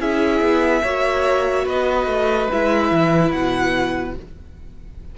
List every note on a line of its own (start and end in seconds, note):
0.00 0.40 C#4
0.00 0.84 E4
0.00 0.83 G#4
0.00 1.68 E5
0.40 0.82 B3
0.83 1.66 A#3
0.83 2.51 F#4
0.83 1.65 C#5
1.65 2.07 B3
1.65 4.15 B4
1.65 2.51 D#5
2.07 2.48 A3
2.51 2.91 G#3
2.51 4.18 E4
2.51 3.32 E5
2.91 3.33 E3
3.32 4.17 B2
3.32 4.15 F#5